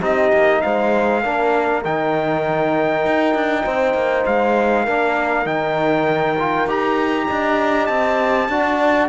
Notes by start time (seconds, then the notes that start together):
0.00 C4 D#4 G4 D#5
0.32 A#3
0.61 G#3 C5 F5
1.22 A#3 D4 A#4
1.84 D#3 D#4 G5
3.05 D#4
3.34 D4
3.64 C4 C5
3.94 A#3
4.26 G#3 F5
4.83 A#3 D4 A#4
5.45 D#3 D#4 G5
6.38 F4
6.65 D#4 G4 A#5
7.27 D4 D#5
7.85 C4 A5
8.48 D4 F#4 D5